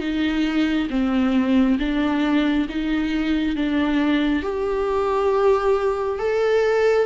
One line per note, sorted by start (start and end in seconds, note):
0.00 0.88 D#4
0.90 1.78 C4
1.79 2.68 D4
2.69 3.56 D#4
3.56 4.43 D4
4.43 6.19 G4
6.19 7.06 A4